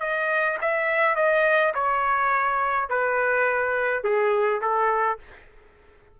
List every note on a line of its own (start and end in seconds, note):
0.00 0.58 D#5
0.61 1.16 E5
1.16 1.73 D#5
1.74 2.89 C#5
2.89 4.04 B4
4.04 4.61 G#4
4.61 5.19 A4